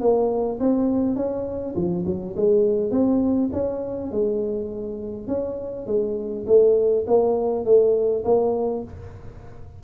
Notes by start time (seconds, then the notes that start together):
0.00 A#3
0.60 C4
1.16 C#4
1.75 F3
2.06 F#3
2.36 G#3
2.91 C4
3.52 C#4
4.11 G#3
5.27 C#4
5.86 G#3
6.47 A3
7.07 A#3
7.65 A3
8.24 A#3